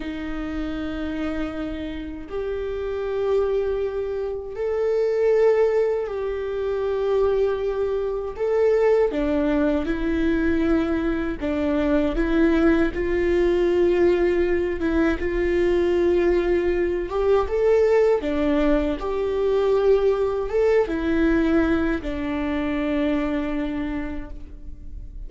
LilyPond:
\new Staff \with { instrumentName = "viola" } { \time 4/4 \tempo 4 = 79 dis'2. g'4~ | g'2 a'2 | g'2. a'4 | d'4 e'2 d'4 |
e'4 f'2~ f'8 e'8 | f'2~ f'8 g'8 a'4 | d'4 g'2 a'8 e'8~ | e'4 d'2. | }